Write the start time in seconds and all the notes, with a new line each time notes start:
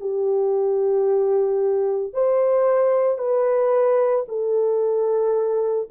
0.00 G4
2.13 C5
3.18 B4
4.28 A4